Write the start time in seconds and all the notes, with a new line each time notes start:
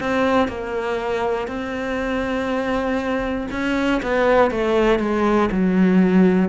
0.00 C4
0.48 A#3
1.47 C4
3.50 C#4
4.02 B3
4.50 A3
4.99 G#3
5.51 F#3